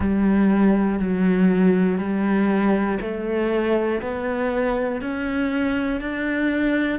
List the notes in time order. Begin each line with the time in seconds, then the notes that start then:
0.00 G3
0.99 F#3
1.98 G3
3.01 A3
4.01 B3
5.00 C#4
6.00 D4